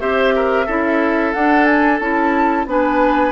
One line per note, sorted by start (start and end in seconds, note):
0.00 0.68 C4
0.00 0.67 G4
0.00 0.34 C5
0.00 1.33 E5
0.36 0.66 A#4
0.66 1.34 C#4
0.66 1.35 E4
0.66 2.66 A4
1.33 2.00 D4
1.33 2.01 D4
1.33 1.65 F#5
1.65 1.98 G#5
2.00 2.66 C#4
2.00 2.67 E4
2.00 2.67 A5
2.66 3.33 B3
2.66 3.33 D4
2.66 3.33 B4
2.66 3.33 G#5